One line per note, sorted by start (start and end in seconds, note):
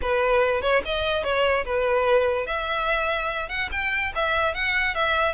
0.01 0.61 B4
0.61 0.82 C#5
0.85 1.23 D#5
1.23 1.64 C#5
1.65 2.46 B4
2.46 3.48 E5
3.48 3.69 F#5
3.71 4.12 G5
4.15 4.54 E5
4.54 4.94 F#5
4.94 5.34 E5